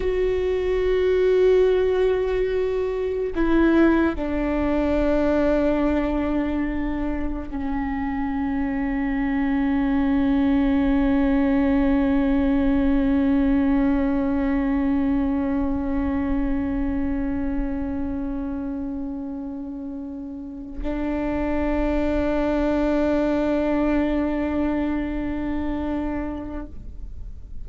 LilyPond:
\new Staff \with { instrumentName = "viola" } { \time 4/4 \tempo 4 = 72 fis'1 | e'4 d'2.~ | d'4 cis'2.~ | cis'1~ |
cis'1~ | cis'1~ | cis'4 d'2.~ | d'1 | }